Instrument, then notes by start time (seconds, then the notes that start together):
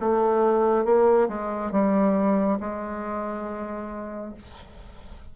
bassoon
0.00 A3
0.85 A#3
1.29 G#3
1.72 G3
2.60 G#3